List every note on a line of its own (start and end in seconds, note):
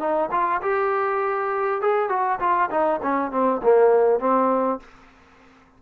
0.00 0.30 D#4
0.31 0.61 F4
0.62 1.82 G4
1.82 2.09 G#4
2.09 2.39 F#4
2.40 2.70 F4
2.71 3.01 D#4
3.03 3.32 C#4
3.32 3.62 C4
3.63 4.20 A#3
4.20 4.80 C4